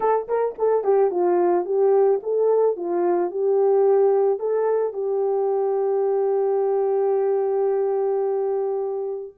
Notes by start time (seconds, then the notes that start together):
0.00 A4
0.28 A#4
0.58 A4
0.84 G4
1.10 F4
1.65 G4
2.22 A4
2.76 F4
3.30 G4
4.39 A4
4.93 G4